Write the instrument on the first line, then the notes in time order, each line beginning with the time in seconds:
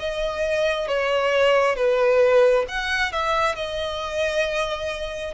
violin
0.00 D#5
0.88 C#5
1.76 B4
2.69 F#5
3.13 E5
3.56 D#5